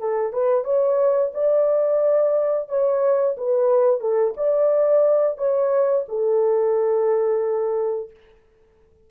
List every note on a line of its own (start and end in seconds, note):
0.00 0.33 A4
0.33 0.65 B4
0.65 1.32 C#5
1.35 2.69 D5
2.69 3.36 C#5
3.37 4.01 B4
4.01 4.35 A4
4.37 5.38 D5
5.38 6.06 C#5
6.09 8.11 A4